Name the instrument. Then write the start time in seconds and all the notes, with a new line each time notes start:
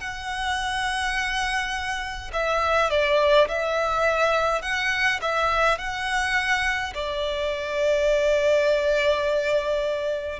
violin
0.00 F#5
2.33 E5
2.90 D5
3.48 E5
4.62 F#5
5.21 E5
5.78 F#5
6.94 D5